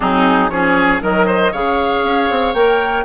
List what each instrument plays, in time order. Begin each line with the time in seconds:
0.00 bassoon F#3, clarinet C4, oboe D#4, flute G#4
0.49 bassoon F3, clarinet C#4, oboe G#4, flute C#5
1.00 bassoon D#3, clarinet F#3, oboe A#4, flute D#5
1.26 oboe C5
1.52 bassoon C#3, clarinet G#4, oboe C#5, flute F5
2.03 bassoon C#4
2.30 bassoon C4
2.53 bassoon A#3, clarinet A#4, flute G5